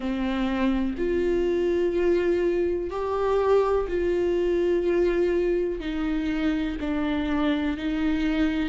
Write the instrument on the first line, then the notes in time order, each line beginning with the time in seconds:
viola
0.00 C4
0.97 F4
2.90 G4
3.88 F4
5.80 D#4
6.80 D4
7.77 D#4